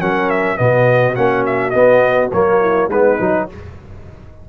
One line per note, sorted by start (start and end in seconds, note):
0.00 0.59 F#3
0.00 0.57 C#4
0.00 0.58 A#4
0.00 0.30 F#5
0.30 0.57 E5
0.57 1.17 B2
0.57 1.15 B3
0.57 2.60 F#4
0.57 1.15 D#5
1.15 1.74 A#3
1.15 1.73 C#4
1.15 1.44 F#5
1.46 1.70 E5
1.70 2.31 B3
1.70 2.32 B3
1.70 2.28 D#5
2.32 2.88 F#3
2.32 2.91 A#3
2.32 2.90 C#5
2.60 2.88 E4
2.88 3.17 G#3
2.88 3.20 B3
2.88 3.46 D#4
2.88 3.48 B4
3.20 3.49 F#3
3.20 3.49 D#4